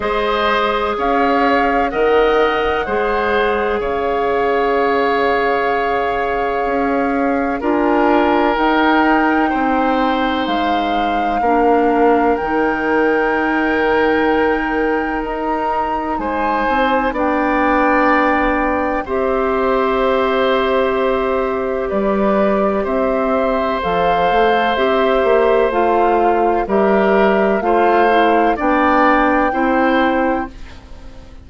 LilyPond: <<
  \new Staff \with { instrumentName = "flute" } { \time 4/4 \tempo 4 = 63 dis''4 f''4 fis''2 | f''1 | gis''4 g''2 f''4~ | f''4 g''2. |
ais''4 gis''4 g''2 | e''2. d''4 | e''4 f''4 e''4 f''4 | e''4 f''4 g''2 | }
  \new Staff \with { instrumentName = "oboe" } { \time 4/4 c''4 cis''4 dis''4 c''4 | cis''1 | ais'2 c''2 | ais'1~ |
ais'4 c''4 d''2 | c''2. b'4 | c''1 | ais'4 c''4 d''4 c''4 | }
  \new Staff \with { instrumentName = "clarinet" } { \time 4/4 gis'2 ais'4 gis'4~ | gis'1 | f'4 dis'2. | d'4 dis'2.~ |
dis'2 d'2 | g'1~ | g'4 a'4 g'4 f'4 | g'4 f'8 e'8 d'4 e'4 | }
  \new Staff \with { instrumentName = "bassoon" } { \time 4/4 gis4 cis'4 dis4 gis4 | cis2. cis'4 | d'4 dis'4 c'4 gis4 | ais4 dis2. |
dis'4 gis8 c'8 b2 | c'2. g4 | c'4 f8 a8 c'8 ais8 a4 | g4 a4 b4 c'4 | }
>>